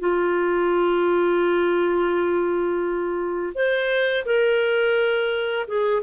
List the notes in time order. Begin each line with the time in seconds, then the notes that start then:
0.00 F4
3.55 C5
4.25 A#4
5.68 G#4